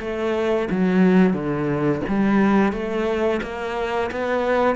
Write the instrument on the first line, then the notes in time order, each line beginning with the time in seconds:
cello
0.00 A3
0.71 F#3
1.33 D3
2.08 G3
2.72 A3
3.42 A#3
4.11 B3